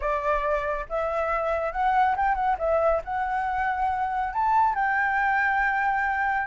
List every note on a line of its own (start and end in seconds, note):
0.00 0.85 D5
0.89 1.72 E5
1.72 2.15 F#5
2.16 2.34 G5
2.34 2.56 F#5
2.58 3.01 E5
3.04 4.33 F#5
4.33 4.74 A5
4.74 6.47 G5